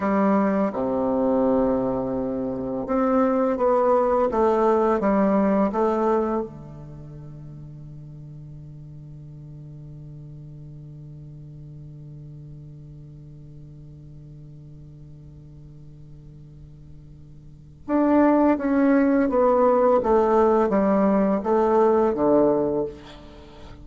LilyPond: \new Staff \with { instrumentName = "bassoon" } { \time 4/4 \tempo 4 = 84 g4 c2. | c'4 b4 a4 g4 | a4 d2.~ | d1~ |
d1~ | d1~ | d4 d'4 cis'4 b4 | a4 g4 a4 d4 | }